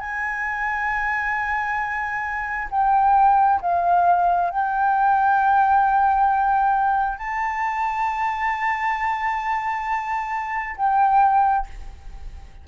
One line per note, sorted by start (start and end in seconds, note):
0.00 2.69 G#5
2.71 3.60 G5
3.61 4.51 F5
4.51 7.18 G5
7.18 10.76 A5
10.77 11.66 G5